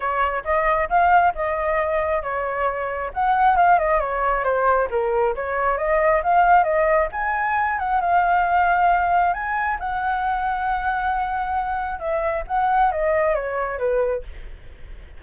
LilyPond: \new Staff \with { instrumentName = "flute" } { \time 4/4 \tempo 4 = 135 cis''4 dis''4 f''4 dis''4~ | dis''4 cis''2 fis''4 | f''8 dis''8 cis''4 c''4 ais'4 | cis''4 dis''4 f''4 dis''4 |
gis''4. fis''8 f''2~ | f''4 gis''4 fis''2~ | fis''2. e''4 | fis''4 dis''4 cis''4 b'4 | }